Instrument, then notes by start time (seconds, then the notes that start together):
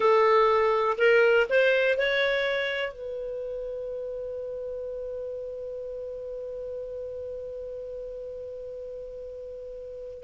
clarinet
0.00 A4
0.98 A#4
1.49 C5
1.98 C#5
2.92 B4